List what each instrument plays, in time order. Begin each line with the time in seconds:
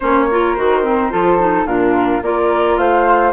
0.00 bassoon A#3, clarinet C#4, flute C5 C#5
0.30 clarinet F4, flute A#4
0.54 bassoon D#3, clarinet F#4, flute C5
0.83 clarinet C4
1.10 bassoon F3, clarinet F4, flute A4
1.38 clarinet D#4
1.65 bassoon A#2, clarinet D4, flute F4 A#4
2.21 bassoon A#3, clarinet F4, flute A#4 D5
2.77 bassoon A3, flute C5 F5